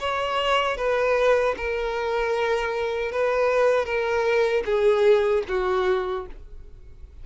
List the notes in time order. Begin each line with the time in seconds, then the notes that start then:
0.00 C#5
0.77 B4
1.57 A#4
3.12 B4
3.86 A#4
4.66 G#4
5.49 F#4